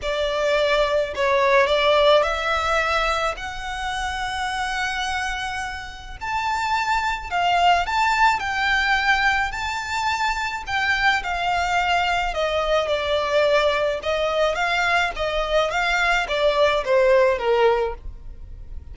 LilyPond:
\new Staff \with { instrumentName = "violin" } { \time 4/4 \tempo 4 = 107 d''2 cis''4 d''4 | e''2 fis''2~ | fis''2. a''4~ | a''4 f''4 a''4 g''4~ |
g''4 a''2 g''4 | f''2 dis''4 d''4~ | d''4 dis''4 f''4 dis''4 | f''4 d''4 c''4 ais'4 | }